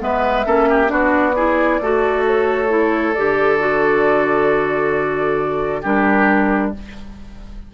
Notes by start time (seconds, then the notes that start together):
0.00 G#3 B3 B4 E5
0.46 A#3 C#4 A4
0.70 G4
0.87 B3 D4 F#4 D5
1.36 E4 G#4
1.81 A3 F#4 A4
2.26 C#5
2.69 E4
3.15 D3 G4 D5
3.59 F#4
5.82 G3 D4 G4 A#4